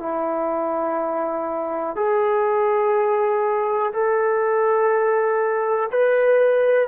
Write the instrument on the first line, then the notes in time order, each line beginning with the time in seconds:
trombone
0.00 E4
1.96 G#4
3.93 A4
5.92 B4